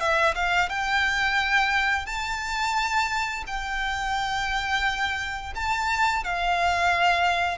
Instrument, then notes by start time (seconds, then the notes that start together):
violin
0.00 E5
0.35 F5
0.69 G5
2.06 A5
3.47 G5
5.55 A5
6.24 F5